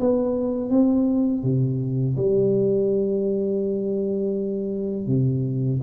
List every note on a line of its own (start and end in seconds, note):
0.00 0.70 B3
0.70 1.43 C4
1.43 2.17 C3
2.17 5.07 G3
5.07 5.80 C3